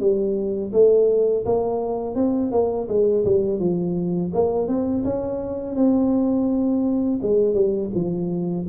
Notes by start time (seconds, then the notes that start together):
0.00 G3
0.73 A3
1.46 A#3
2.15 C4
2.52 A#3
2.88 G#3
3.25 G3
3.60 F3
4.34 A#3
4.68 C4
5.05 C#4
5.76 C4
7.23 G#3
7.54 G3
7.95 F3